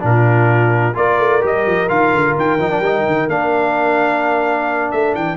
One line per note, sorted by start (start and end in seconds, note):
0.00 0.96 A#2
0.00 0.93 D4
0.00 0.97 F4
0.00 0.96 A#4
0.94 1.19 A#3
0.94 1.41 F4
0.94 5.37 A#4
0.94 1.43 D5
1.19 1.42 A3
1.41 1.66 G3
1.41 1.87 G4
1.41 1.89 D#5
1.66 1.89 F3
1.89 2.12 D#3
1.89 2.59 F4
1.89 2.35 F5
2.12 2.35 D3
2.36 2.59 D#3
2.36 3.29 G5
2.59 2.79 F3
2.59 2.70 D#4
2.70 2.82 D4
2.79 3.02 G3
2.79 3.29 D#4
3.07 3.27 D#3
3.27 4.89 A#3
3.27 5.37 D4
3.27 4.91 F5
4.91 5.14 A3
4.91 5.14 E5
5.14 5.37 E3
5.14 5.37 G5